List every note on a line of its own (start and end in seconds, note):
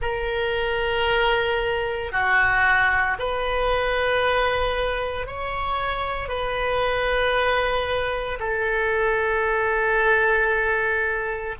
0.01 2.11 A#4
2.11 3.17 F#4
3.18 5.26 B4
5.26 6.28 C#5
6.28 8.39 B4
8.39 11.55 A4